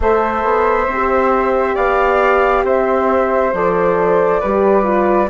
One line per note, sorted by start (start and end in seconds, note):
0.00 0.43 A3
0.00 0.89 A4
0.00 1.74 C5
0.00 1.76 E5
0.43 0.87 B3
0.87 1.75 C4
0.87 3.54 G4
1.74 2.63 B3
1.74 2.63 D5
1.74 2.64 F5
2.63 3.51 C4
2.63 4.40 C5
2.63 3.54 E5
3.53 4.41 F3
3.53 4.42 A4
3.53 5.29 D5
4.40 5.29 G3
4.40 4.83 G4
4.40 5.28 B4
4.83 5.27 F4